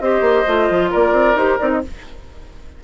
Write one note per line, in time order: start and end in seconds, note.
0.00 0.21 C4
0.00 0.46 G4
0.00 0.91 C5
0.00 0.90 D#5
0.21 0.43 A#3
0.47 0.70 A3
0.47 1.36 F4
0.70 0.92 F3
0.91 1.12 A#3
0.91 1.81 A#4
0.91 1.37 D5
1.12 1.34 C4
1.35 1.57 D#4
1.35 1.59 G4
1.35 1.58 C5
1.58 1.83 C4
1.58 1.82 D#4
1.58 1.69 D5
1.71 1.82 D#5